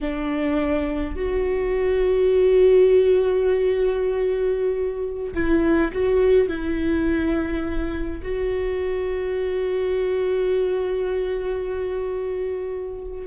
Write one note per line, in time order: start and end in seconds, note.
0.00 1.15 D4
1.15 5.33 F#4
5.34 5.91 E4
5.92 6.48 F#4
6.48 8.21 E4
8.22 13.26 F#4